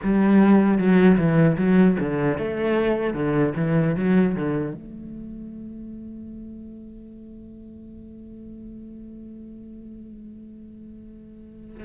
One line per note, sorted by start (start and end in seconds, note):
0.03 0.78 G3
0.78 1.17 F#3
1.17 1.56 E3
1.57 1.97 F#3
1.99 2.38 D3
2.38 3.13 A3
3.13 3.53 D3
3.56 3.95 E3
3.95 4.35 F#3
4.35 4.74 D3
4.74 11.84 A3